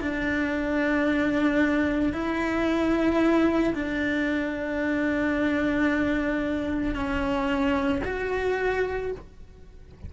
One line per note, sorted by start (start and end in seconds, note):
0.00 2.13 D4
2.13 3.74 E4
3.74 6.94 D4
6.94 8.02 C#4
8.04 9.11 F#4